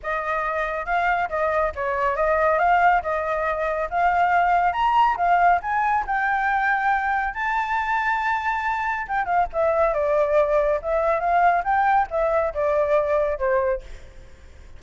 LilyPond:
\new Staff \with { instrumentName = "flute" } { \time 4/4 \tempo 4 = 139 dis''2 f''4 dis''4 | cis''4 dis''4 f''4 dis''4~ | dis''4 f''2 ais''4 | f''4 gis''4 g''2~ |
g''4 a''2.~ | a''4 g''8 f''8 e''4 d''4~ | d''4 e''4 f''4 g''4 | e''4 d''2 c''4 | }